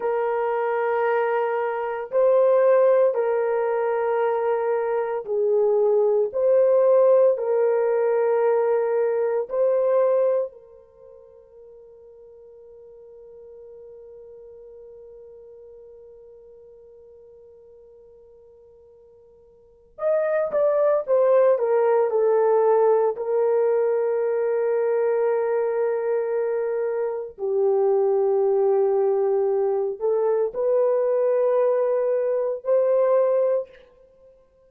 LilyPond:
\new Staff \with { instrumentName = "horn" } { \time 4/4 \tempo 4 = 57 ais'2 c''4 ais'4~ | ais'4 gis'4 c''4 ais'4~ | ais'4 c''4 ais'2~ | ais'1~ |
ais'2. dis''8 d''8 | c''8 ais'8 a'4 ais'2~ | ais'2 g'2~ | g'8 a'8 b'2 c''4 | }